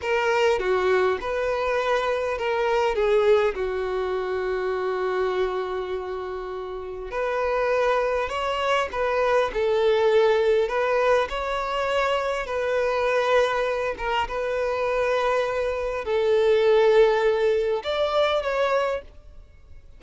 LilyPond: \new Staff \with { instrumentName = "violin" } { \time 4/4 \tempo 4 = 101 ais'4 fis'4 b'2 | ais'4 gis'4 fis'2~ | fis'1 | b'2 cis''4 b'4 |
a'2 b'4 cis''4~ | cis''4 b'2~ b'8 ais'8 | b'2. a'4~ | a'2 d''4 cis''4 | }